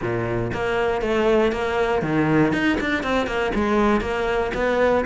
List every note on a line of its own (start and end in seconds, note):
0.01 0.51 A#2
0.53 1.01 A#3
1.01 1.52 A3
1.52 2.02 A#3
2.02 2.52 D#3
2.52 2.78 D#4
2.80 3.03 D4
3.03 3.26 C4
3.26 3.52 A#3
3.54 4.01 G#3
4.01 4.51 A#3
4.54 5.04 B3